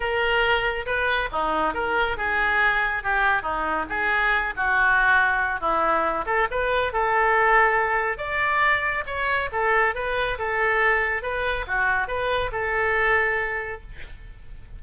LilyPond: \new Staff \with { instrumentName = "oboe" } { \time 4/4 \tempo 4 = 139 ais'2 b'4 dis'4 | ais'4 gis'2 g'4 | dis'4 gis'4. fis'4.~ | fis'4 e'4. a'8 b'4 |
a'2. d''4~ | d''4 cis''4 a'4 b'4 | a'2 b'4 fis'4 | b'4 a'2. | }